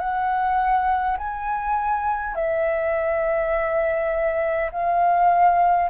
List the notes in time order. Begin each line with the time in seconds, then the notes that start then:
0.00 F#5
1.18 G#5
2.35 E5
4.72 F5